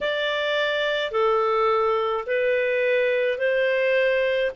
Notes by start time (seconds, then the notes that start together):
0.00 D5
1.11 A4
2.26 B4
3.38 C5